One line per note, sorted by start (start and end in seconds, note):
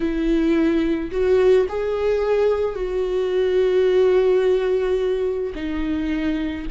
0.00 1.10 E4
1.11 1.66 F#4
1.68 2.75 G#4
2.75 5.53 F#4
5.55 6.66 D#4